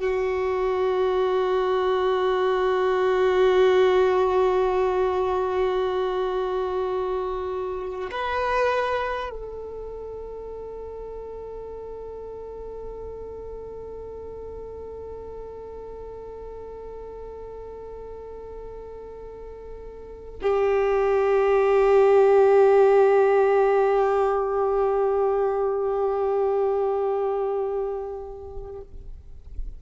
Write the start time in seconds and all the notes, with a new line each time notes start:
0.00 F#4
8.10 B4
9.29 A4
20.42 G4